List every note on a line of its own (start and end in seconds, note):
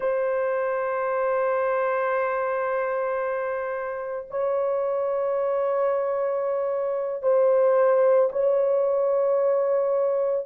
0.00 4.26 C5
4.30 7.22 C#5
7.22 8.29 C5
8.32 10.46 C#5